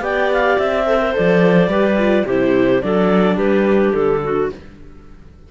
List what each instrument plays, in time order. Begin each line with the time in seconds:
0.00 cello B3, viola G4, clarinet D5 G5
0.32 clarinet F5
0.58 cello C4, clarinet E5
0.86 viola A4, clarinet C5
1.01 viola A#4
1.12 viola A4, clarinet D5
1.18 cello F3
1.67 cello G3, viola G4, clarinet B4
1.98 viola F4
2.25 cello C3, viola E4, clarinet G4 C5
2.81 cello F#3, viola D4, clarinet A4 D5
3.36 cello G3, clarinet G4 B4
3.93 cello D3, clarinet A4
4.23 clarinet F#4